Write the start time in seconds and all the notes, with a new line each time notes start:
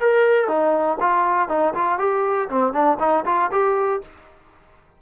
0.00 A#4
0.48 D#4
1.00 F4
1.49 D#4
1.74 F4
1.98 G4
2.49 C4
2.73 D4
2.99 D#4
3.25 F4
3.51 G4